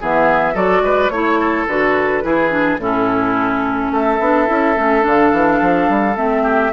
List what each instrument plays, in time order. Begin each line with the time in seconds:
0.00 bassoon E3, clarinet B3, oboe G#4, flute E5
0.54 bassoon F#3, clarinet F#4, oboe A4, flute D5
0.81 bassoon G#3, oboe B4
1.09 bassoon A3, clarinet E4, flute C#5, oboe C#5
1.39 oboe A4
1.67 bassoon D3, clarinet F#4, flute B4
2.23 bassoon E3, clarinet E4, oboe G#4
2.50 clarinet D4
2.78 bassoon A2, clarinet C#4, oboe E4, flute A4
3.90 bassoon A3, oboe A4, flute E5
4.20 bassoon B3, clarinet D4
4.46 bassoon C#4, clarinet E4
4.76 bassoon A3, clarinet C#4
5.01 bassoon D3, clarinet D4
5.07 flute F5
5.32 bassoon E3
5.61 bassoon F3
5.89 bassoon G3
6.16 bassoon A3, clarinet C4, flute E5
6.43 oboe G4